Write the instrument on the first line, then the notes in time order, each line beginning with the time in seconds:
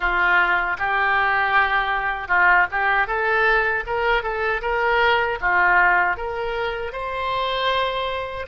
oboe
0.00 F4
0.78 G4
2.27 F4
2.71 G4
3.07 A4
3.86 A#4
4.22 A4
4.61 A#4
5.40 F4
6.16 A#4
6.92 C5